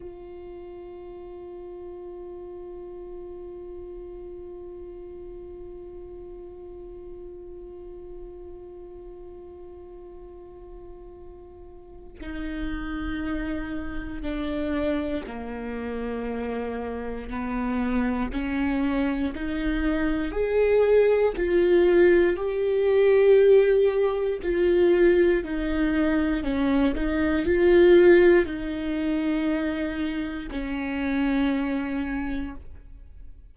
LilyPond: \new Staff \with { instrumentName = "viola" } { \time 4/4 \tempo 4 = 59 f'1~ | f'1~ | f'1 | dis'2 d'4 ais4~ |
ais4 b4 cis'4 dis'4 | gis'4 f'4 g'2 | f'4 dis'4 cis'8 dis'8 f'4 | dis'2 cis'2 | }